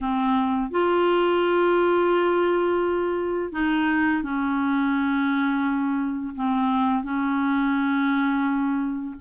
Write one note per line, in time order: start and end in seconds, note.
0.01 0.71 C4
0.71 3.52 F4
3.52 4.23 D#4
4.23 6.34 C#4
6.35 7.03 C4
7.03 9.15 C#4